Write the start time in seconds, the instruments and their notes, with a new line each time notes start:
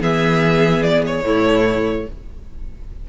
0.00 cello E3, viola B3, violin G#4 E5
0.82 violin D5
1.06 violin C#5
1.23 cello A2, viola A3, violin E4